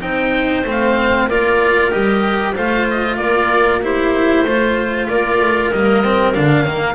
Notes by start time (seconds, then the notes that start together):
0.00 C4 D#4 C5 G5
0.64 A3 C4 F5
1.28 A#3 F4 A#4 D5
1.91 G3 G4 D#5
2.53 A3 F4 C5 F5
2.90 D#5
3.16 A#3 A#4 D5
3.83 E4 G4 C5
4.44 A3 F4 C5
5.07 A#3 A#4 D5
5.39 A3
5.72 G3 A#3 D#5
6.04 C4
6.34 D3 D4 F5
6.65 D#3 A#3